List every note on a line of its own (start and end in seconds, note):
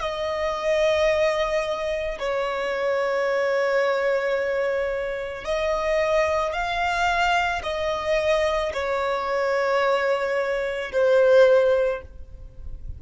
0.00 2.18 D#5
2.19 5.44 C#5
5.44 6.53 D#5
6.53 7.62 F5
7.63 8.72 D#5
8.73 10.91 C#5
10.92 12.01 C5